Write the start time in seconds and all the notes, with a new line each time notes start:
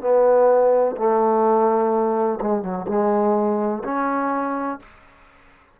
0.00 B3
0.96 A3
2.41 G#3
2.62 F#3
2.87 G#3
3.84 C#4